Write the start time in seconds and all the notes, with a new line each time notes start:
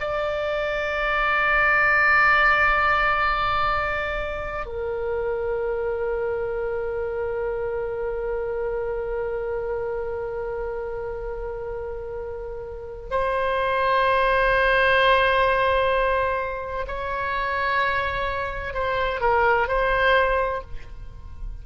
0.00 D5
4.66 A#4
13.10 C5
16.87 C#5
18.74 C5
19.21 A#4
19.67 C5